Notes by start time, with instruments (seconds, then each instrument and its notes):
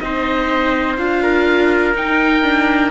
0.00 cello C4, viola D#4, trumpet C5, oboe D#5
0.98 cello D4, viola F4, oboe F5
1.23 trumpet A#4
1.94 cello D#4, viola D#4, oboe G5
2.43 viola D4